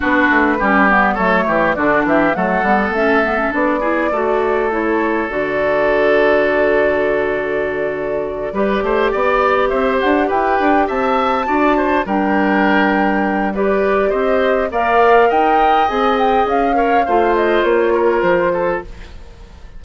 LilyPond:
<<
  \new Staff \with { instrumentName = "flute" } { \time 4/4 \tempo 4 = 102 b'2 cis''4 d''8 e''8 | fis''4 e''4 d''2 | cis''4 d''2.~ | d''1~ |
d''8 e''8 fis''8 g''4 a''4.~ | a''8 g''2~ g''8 d''4 | dis''4 f''4 g''4 gis''8 g''8 | f''4. dis''8 cis''4 c''4 | }
  \new Staff \with { instrumentName = "oboe" } { \time 4/4 fis'4 g'4 a'8 g'8 fis'8 g'8 | a'2~ a'8 gis'8 a'4~ | a'1~ | a'2~ a'8 b'8 c''8 d''8~ |
d''8 c''4 b'4 e''4 d''8 | c''8 ais'2~ ais'8 b'4 | c''4 d''4 dis''2~ | dis''8 cis''8 c''4. ais'4 a'8 | }
  \new Staff \with { instrumentName = "clarinet" } { \time 4/4 d'4 cis'8 b8 a4 d'4 | a8 b8 cis'8 b16 cis'16 d'8 e'8 fis'4 | e'4 fis'2.~ | fis'2~ fis'8 g'4.~ |
g'2.~ g'8 fis'8~ | fis'8 d'2~ d'8 g'4~ | g'4 ais'2 gis'4~ | gis'8 ais'8 f'2. | }
  \new Staff \with { instrumentName = "bassoon" } { \time 4/4 b8 a8 g4 fis8 e8 d8 e8 | fis8 g8 a4 b4 a4~ | a4 d2.~ | d2~ d8 g8 a8 b8~ |
b8 c'8 d'8 e'8 d'8 c'4 d'8~ | d'8 g2.~ g8 | c'4 ais4 dis'4 c'4 | cis'4 a4 ais4 f4 | }
>>